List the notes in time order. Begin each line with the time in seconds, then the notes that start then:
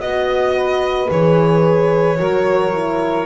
0.00 B3 F#4 D#5
0.56 B4
1.10 E3 G#4 C#5
2.17 F#3 F#4 A#4
2.73 E4